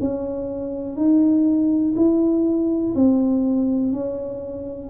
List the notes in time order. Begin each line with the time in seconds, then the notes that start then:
0.00 C#4
0.97 D#4
1.96 E4
2.95 C4
3.93 C#4